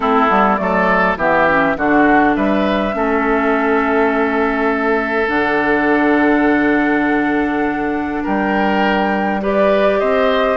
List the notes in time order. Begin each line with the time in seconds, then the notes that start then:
0.00 A3 C4 E4 A4
0.28 G3 B3
0.56 F#3 A3 A4 D5
1.16 E3 B3 G4 E5
1.48 C#4
1.76 D3 D4 F#4 F#5
2.35 G3 B4 E5
2.92 A3 C#4 A4
5.27 D3 D4 F#5
8.23 G3 A#4 G5
9.40 G4 B4 D5
9.99 C4 C5 D#5